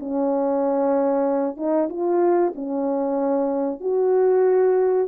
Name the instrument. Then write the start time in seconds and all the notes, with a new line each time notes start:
horn
0.00 C#4
1.57 D#4
1.90 F4
2.56 C#4
3.81 F#4